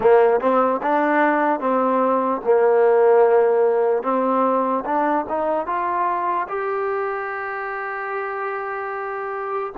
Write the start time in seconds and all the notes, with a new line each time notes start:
0.00 A#3
0.40 C4
0.82 D4
1.60 C4
2.44 A#3
4.02 C4
4.85 D4
5.28 D#4
5.66 F4
6.48 G4